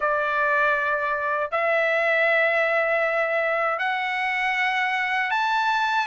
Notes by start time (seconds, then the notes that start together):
0.00 D5
1.51 E5
3.78 F#5
5.30 A5